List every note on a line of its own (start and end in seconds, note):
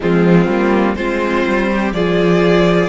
0.00 0.47 F3
0.00 0.47 G#3
0.00 0.97 C4
0.00 0.95 F4
0.47 0.95 G3
0.47 0.97 A#3
0.95 1.45 G#3
0.95 1.94 C4
0.95 1.69 F4
0.95 1.92 C5
1.47 1.92 G3
1.71 1.95 G4
1.92 2.88 F3
1.92 2.89 F4
1.92 2.89 G#4
1.92 2.89 D5